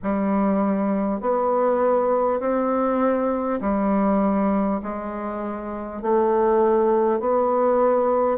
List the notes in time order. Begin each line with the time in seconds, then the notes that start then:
0.02 G3
1.21 B3
2.40 C4
3.60 G3
4.83 G#3
6.02 A3
7.20 B3